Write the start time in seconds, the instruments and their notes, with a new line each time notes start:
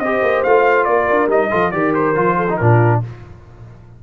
0.00 tuba C4, trombone G4, horn C5, trumpet D#5
0.22 tuba A#3
0.44 tuba A3, trombone F4, trumpet F5
0.85 tuba A#3, horn A#4, trumpet D5
1.10 tuba D4
1.28 tuba G3, trombone D#4, trumpet D#5
1.51 tuba F3, trombone F4, horn A4
1.72 tuba D#3, trombone G4, horn A#4, trumpet D5
1.95 trumpet C5
2.16 tuba F3, trombone F4
2.37 horn A4
2.50 trombone D#4
2.57 tuba A#2, trombone D4, horn F4, trumpet A#4